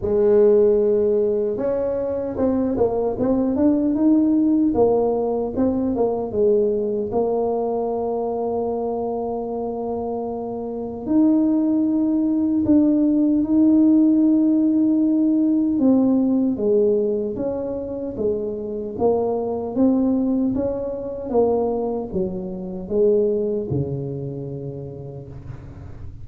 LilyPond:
\new Staff \with { instrumentName = "tuba" } { \time 4/4 \tempo 4 = 76 gis2 cis'4 c'8 ais8 | c'8 d'8 dis'4 ais4 c'8 ais8 | gis4 ais2.~ | ais2 dis'2 |
d'4 dis'2. | c'4 gis4 cis'4 gis4 | ais4 c'4 cis'4 ais4 | fis4 gis4 cis2 | }